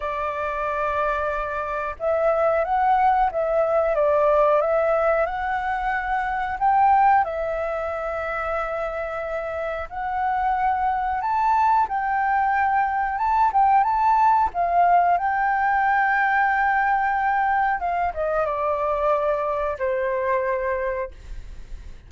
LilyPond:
\new Staff \with { instrumentName = "flute" } { \time 4/4 \tempo 4 = 91 d''2. e''4 | fis''4 e''4 d''4 e''4 | fis''2 g''4 e''4~ | e''2. fis''4~ |
fis''4 a''4 g''2 | a''8 g''8 a''4 f''4 g''4~ | g''2. f''8 dis''8 | d''2 c''2 | }